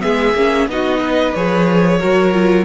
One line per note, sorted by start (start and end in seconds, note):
0.00 0.34 G#3
0.00 0.33 B3
0.00 0.69 G#4
0.00 0.67 E5
0.34 0.67 A#3
0.34 0.69 C#4
0.67 1.33 B3
0.67 1.35 D#4
0.67 1.00 F#4
0.67 1.35 D#5
1.00 1.99 B4
1.35 2.01 F3
1.35 2.00 G#4
1.35 2.65 C#5
1.99 2.65 F#3
1.99 2.33 F#4
1.99 2.65 A#4
2.33 2.65 F4